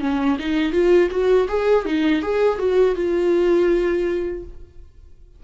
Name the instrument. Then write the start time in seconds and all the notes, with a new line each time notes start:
viola
0.00 C#4
0.39 D#4
0.72 F4
1.10 F#4
1.48 G#4
1.85 D#4
2.22 G#4
2.58 F#4
2.95 F4